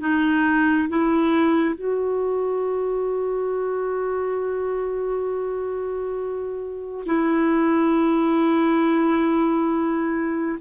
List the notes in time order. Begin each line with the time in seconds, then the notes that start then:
0.00 D#4
0.89 E4
1.75 F#4
7.06 E4